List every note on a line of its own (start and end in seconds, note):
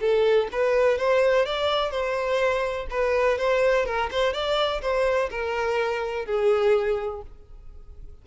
0.00 0.48 A4
0.52 0.98 B4
0.98 1.45 C5
1.45 1.91 D5
1.91 2.87 C5
2.90 3.38 B4
3.38 3.85 C5
3.85 4.09 A#4
4.11 4.33 C5
4.33 4.81 D5
4.82 5.30 C5
5.31 6.26 A#4
6.26 7.22 G#4